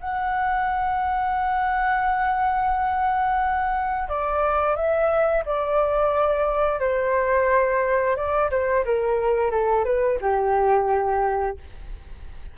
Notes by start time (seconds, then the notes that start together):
0.00 F#5
4.08 D5
4.75 E5
5.45 D5
6.79 C5
8.16 D5
8.50 C5
8.85 A#4
9.51 A4
9.85 B4
10.21 G4